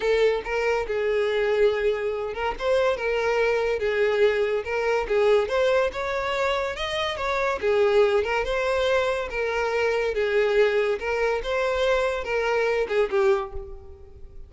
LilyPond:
\new Staff \with { instrumentName = "violin" } { \time 4/4 \tempo 4 = 142 a'4 ais'4 gis'2~ | gis'4. ais'8 c''4 ais'4~ | ais'4 gis'2 ais'4 | gis'4 c''4 cis''2 |
dis''4 cis''4 gis'4. ais'8 | c''2 ais'2 | gis'2 ais'4 c''4~ | c''4 ais'4. gis'8 g'4 | }